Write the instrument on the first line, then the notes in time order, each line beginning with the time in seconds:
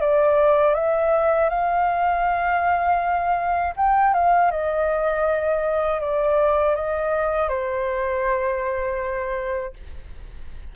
flute
0.00 D5
0.74 E5
1.49 F5
3.76 G5
4.14 F5
4.50 D#5
6.00 D5
6.75 D#5
7.48 C5